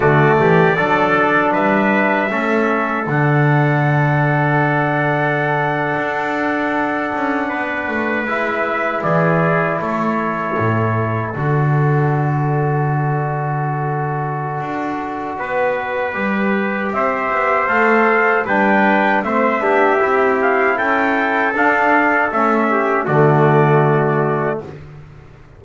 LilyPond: <<
  \new Staff \with { instrumentName = "trumpet" } { \time 4/4 \tempo 4 = 78 d''2 e''2 | fis''1~ | fis''2~ fis''8. e''4 d''16~ | d''8. cis''2 d''4~ d''16~ |
d''1~ | d''2 e''4 f''4 | g''4 e''4. f''8 g''4 | f''4 e''4 d''2 | }
  \new Staff \with { instrumentName = "trumpet" } { \time 4/4 fis'8 g'8 a'4 b'4 a'4~ | a'1~ | a'4.~ a'16 b'2 gis'16~ | gis'8. a'2.~ a'16~ |
a'1 | b'2 c''2 | b'4 c''8 g'4. a'4~ | a'4. g'8 fis'2 | }
  \new Staff \with { instrumentName = "trombone" } { \time 4/4 a4 d'2 cis'4 | d'1~ | d'2~ d'8. e'4~ e'16~ | e'2~ e'8. fis'4~ fis'16~ |
fis'1~ | fis'4 g'2 a'4 | d'4 c'8 d'8 e'2 | d'4 cis'4 a2 | }
  \new Staff \with { instrumentName = "double bass" } { \time 4/4 d8 e8 fis4 g4 a4 | d2.~ d8. d'16~ | d'4~ d'16 cis'8 b8 a8 gis4 e16~ | e8. a4 a,4 d4~ d16~ |
d2. d'4 | b4 g4 c'8 b8 a4 | g4 a8 b8 c'4 cis'4 | d'4 a4 d2 | }
>>